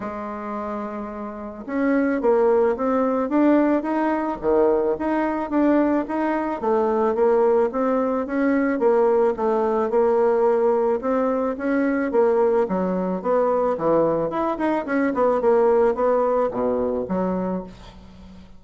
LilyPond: \new Staff \with { instrumentName = "bassoon" } { \time 4/4 \tempo 4 = 109 gis2. cis'4 | ais4 c'4 d'4 dis'4 | dis4 dis'4 d'4 dis'4 | a4 ais4 c'4 cis'4 |
ais4 a4 ais2 | c'4 cis'4 ais4 fis4 | b4 e4 e'8 dis'8 cis'8 b8 | ais4 b4 b,4 fis4 | }